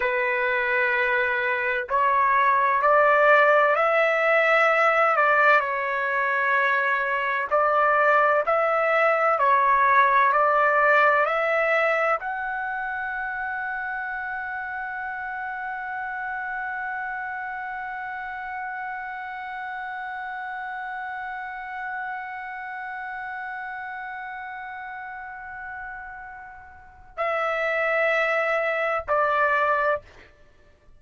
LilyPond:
\new Staff \with { instrumentName = "trumpet" } { \time 4/4 \tempo 4 = 64 b'2 cis''4 d''4 | e''4. d''8 cis''2 | d''4 e''4 cis''4 d''4 | e''4 fis''2.~ |
fis''1~ | fis''1~ | fis''1~ | fis''4 e''2 d''4 | }